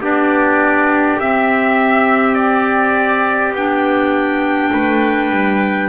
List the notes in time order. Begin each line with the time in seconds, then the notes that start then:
0.00 B3 D4 G4 D5
1.20 C4 E5
2.35 D5
3.53 B3 D4 G5
4.72 A3 B4
5.30 G3